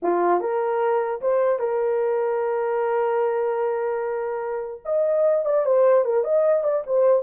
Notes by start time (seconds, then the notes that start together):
0.02 F4
0.40 A#4
1.21 C5
1.59 A#4
4.84 D#5
5.45 D5
5.65 C5
6.04 A#4
6.23 D#5
6.63 D5
6.86 C5